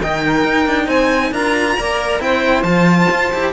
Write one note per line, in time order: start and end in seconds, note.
0.00 0.44 D#3
0.00 1.34 D#4
0.00 0.23 D#5
0.00 0.89 G5
0.23 0.85 A#4
0.44 0.66 D#4
0.66 0.88 D4
0.85 1.31 C4
0.85 1.30 C5
0.85 1.33 G#5
1.31 1.75 D4
1.31 1.77 F4
1.31 1.77 A#4
1.31 2.21 A#5
1.77 2.20 A#3
1.77 2.20 A#4
1.77 2.22 D5
2.20 2.63 C4
2.20 2.64 E4
2.20 3.53 C5
2.20 2.63 G5
2.63 3.07 F3
2.63 3.31 F4
2.63 3.51 A5
3.11 3.33 F4
3.32 3.53 E4
3.32 3.53 G4